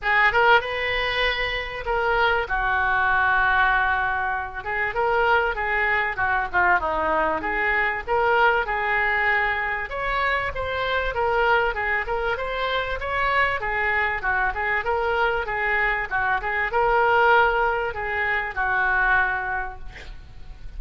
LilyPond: \new Staff \with { instrumentName = "oboe" } { \time 4/4 \tempo 4 = 97 gis'8 ais'8 b'2 ais'4 | fis'2.~ fis'8 gis'8 | ais'4 gis'4 fis'8 f'8 dis'4 | gis'4 ais'4 gis'2 |
cis''4 c''4 ais'4 gis'8 ais'8 | c''4 cis''4 gis'4 fis'8 gis'8 | ais'4 gis'4 fis'8 gis'8 ais'4~ | ais'4 gis'4 fis'2 | }